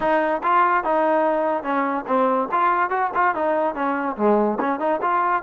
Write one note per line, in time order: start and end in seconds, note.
0.00 0.41 D#4
0.43 0.84 F4
0.84 1.63 D#4
1.63 2.05 C#4
2.07 2.48 C4
2.51 2.89 F4
2.89 3.10 F#4
3.14 3.34 F4
3.34 3.74 D#4
3.74 4.16 C#4
4.16 4.58 G#3
4.60 4.79 C#4
4.79 5.00 D#4
5.01 5.43 F4